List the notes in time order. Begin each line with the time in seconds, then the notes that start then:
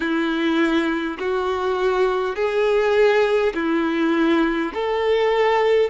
0.00 E4
1.18 F#4
2.35 G#4
3.54 E4
4.73 A4